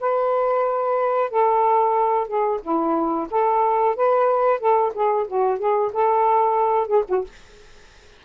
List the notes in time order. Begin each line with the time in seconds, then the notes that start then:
0.00 B4
1.30 A4
2.27 G#4
2.62 E4
3.30 A4
3.96 B4
4.59 A4
4.94 G#4
5.27 F#4
5.58 G#4
5.93 A4
6.88 G#4
7.08 F#4